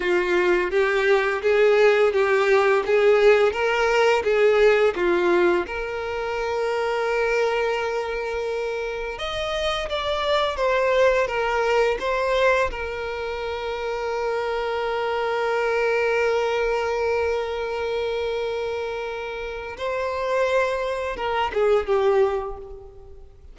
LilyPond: \new Staff \with { instrumentName = "violin" } { \time 4/4 \tempo 4 = 85 f'4 g'4 gis'4 g'4 | gis'4 ais'4 gis'4 f'4 | ais'1~ | ais'4 dis''4 d''4 c''4 |
ais'4 c''4 ais'2~ | ais'1~ | ais'1 | c''2 ais'8 gis'8 g'4 | }